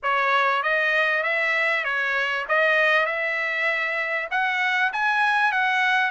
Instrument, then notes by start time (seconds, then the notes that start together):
trumpet
0.03 C#5
0.62 D#5
1.23 E5
1.84 C#5
2.48 D#5
3.06 E5
4.30 F#5
4.92 G#5
5.52 F#5